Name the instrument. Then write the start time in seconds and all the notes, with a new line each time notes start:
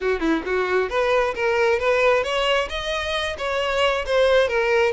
violin
0.00 F#4
0.20 E4
0.45 F#4
0.89 B4
1.34 A#4
1.79 B4
2.23 C#5
2.69 D#5
3.37 C#5
4.06 C5
4.48 A#4